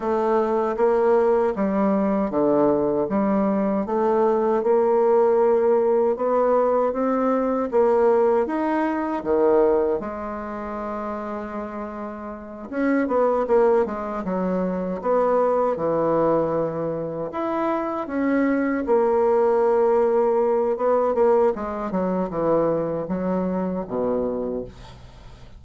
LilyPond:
\new Staff \with { instrumentName = "bassoon" } { \time 4/4 \tempo 4 = 78 a4 ais4 g4 d4 | g4 a4 ais2 | b4 c'4 ais4 dis'4 | dis4 gis2.~ |
gis8 cis'8 b8 ais8 gis8 fis4 b8~ | b8 e2 e'4 cis'8~ | cis'8 ais2~ ais8 b8 ais8 | gis8 fis8 e4 fis4 b,4 | }